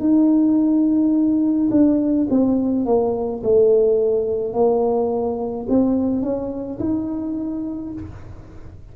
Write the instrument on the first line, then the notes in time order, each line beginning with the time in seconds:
tuba
0.00 D#4
1.71 D4
2.31 C4
2.86 A#3
3.44 A3
4.54 A#3
5.69 C4
6.23 C#4
6.80 D#4